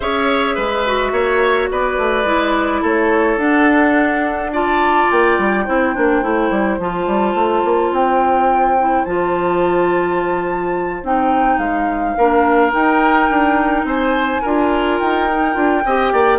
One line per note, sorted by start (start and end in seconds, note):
0.00 0.57 C#4
0.00 0.85 G#4
0.00 0.55 C#5
0.00 1.69 E5
0.55 1.11 G#3
0.55 1.12 B4
0.85 2.25 F#4
1.11 1.68 A#3
1.11 1.69 C#5
1.71 1.98 B3
1.71 2.81 B4
1.71 2.84 D5
1.98 2.24 A3
2.24 2.81 G#3
2.24 3.38 E4
2.81 3.37 A3
2.81 4.51 A4
2.81 3.38 C#5
3.37 5.06 D4
3.37 4.51 D4
3.37 4.51 F#5
4.52 5.66 F4
4.52 5.64 D5
4.52 5.10 A5
5.10 5.38 A#3
5.10 6.80 G5
5.38 5.66 G3
5.64 5.96 C4
5.64 5.94 E4
5.64 12.15 C5
5.95 6.22 A#3
5.95 6.23 D4
6.22 6.50 A3
6.22 6.79 E4
6.50 6.78 G3
6.78 7.06 F3
6.78 8.78 F4
6.78 7.93 A5
7.06 7.34 G3
7.34 7.62 A3
7.64 7.91 A#3
7.91 9.04 C4
7.91 9.05 G5
8.79 9.07 E4
9.05 11.02 F3
9.05 11.03 F4
9.05 11.03 A5
11.02 11.58 C4
11.02 12.17 D#4
11.02 11.58 G5
11.58 12.14 G#3
11.58 12.71 F5
12.17 12.73 A#3
12.17 12.72 D4
12.17 13.86 A#4
12.72 14.42 D#4
12.72 13.29 D#4
12.72 13.86 G5
13.29 13.84 D4
13.84 14.40 C4
13.84 14.42 C5
13.84 14.98 G#5
14.42 15.00 D4
14.42 15.30 F4
14.42 15.83 A#4
14.98 15.55 D#4
14.98 16.39 G5
15.30 15.53 D#4
15.53 15.83 D4
15.53 15.81 F4
15.85 16.12 C4
15.85 16.39 G4
15.85 16.12 D#5
16.12 16.39 A#3
16.12 16.39 D5